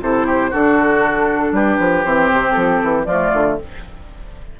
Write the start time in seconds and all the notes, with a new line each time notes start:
0.00 C3 E4 A4 C5
0.26 G4
0.50 D3 D4 F#4 A4
1.51 G3 G4 B4
1.79 F3
2.04 E3 C4 C5
2.32 C3
2.51 F3 A4
2.83 E3
3.04 F3 A3 F4 D5
3.33 D3